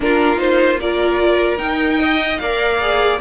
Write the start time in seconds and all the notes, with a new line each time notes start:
0.00 A#3 D4 F4 A#4
0.36 D#4 C5
0.80 F4 A#4 D5
1.57 D#4 G5
1.99 D#5
2.37 A#3 A#4 D5 F5
2.80 G#4